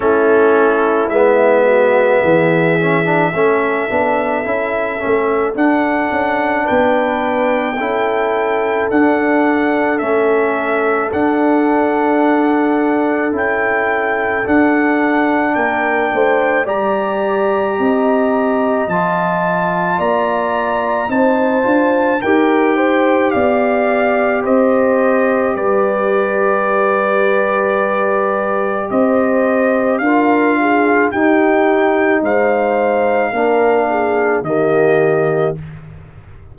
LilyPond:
<<
  \new Staff \with { instrumentName = "trumpet" } { \time 4/4 \tempo 4 = 54 a'4 e''2.~ | e''4 fis''4 g''2 | fis''4 e''4 fis''2 | g''4 fis''4 g''4 ais''4~ |
ais''4 a''4 ais''4 a''4 | g''4 f''4 dis''4 d''4~ | d''2 dis''4 f''4 | g''4 f''2 dis''4 | }
  \new Staff \with { instrumentName = "horn" } { \time 4/4 e'4. fis'8 gis'4 a'4~ | a'2 b'4 a'4~ | a'1~ | a'2 ais'8 c''8 d''4 |
dis''2 d''4 c''4 | ais'8 c''8 d''4 c''4 b'4~ | b'2 c''4 ais'8 gis'8 | g'4 c''4 ais'8 gis'8 g'4 | }
  \new Staff \with { instrumentName = "trombone" } { \time 4/4 cis'4 b4. cis'16 d'16 cis'8 d'8 | e'8 cis'8 d'2 e'4 | d'4 cis'4 d'2 | e'4 d'2 g'4~ |
g'4 f'2 dis'8 f'8 | g'1~ | g'2. f'4 | dis'2 d'4 ais4 | }
  \new Staff \with { instrumentName = "tuba" } { \time 4/4 a4 gis4 e4 a8 b8 | cis'8 a8 d'8 cis'8 b4 cis'4 | d'4 a4 d'2 | cis'4 d'4 ais8 a8 g4 |
c'4 f4 ais4 c'8 d'8 | dis'4 b4 c'4 g4~ | g2 c'4 d'4 | dis'4 gis4 ais4 dis4 | }
>>